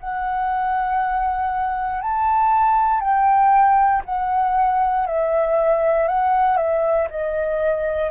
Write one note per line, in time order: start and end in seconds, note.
0.00 2.02 F#5
2.02 3.01 A5
3.01 4.03 G5
4.05 5.07 F#5
5.07 6.08 E5
6.08 6.57 F#5
6.57 7.08 E5
7.10 8.11 D#5